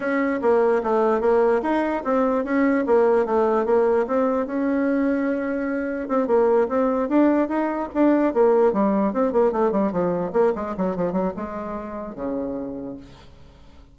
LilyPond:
\new Staff \with { instrumentName = "bassoon" } { \time 4/4 \tempo 4 = 148 cis'4 ais4 a4 ais4 | dis'4 c'4 cis'4 ais4 | a4 ais4 c'4 cis'4~ | cis'2. c'8 ais8~ |
ais8 c'4 d'4 dis'4 d'8~ | d'8 ais4 g4 c'8 ais8 a8 | g8 f4 ais8 gis8 fis8 f8 fis8 | gis2 cis2 | }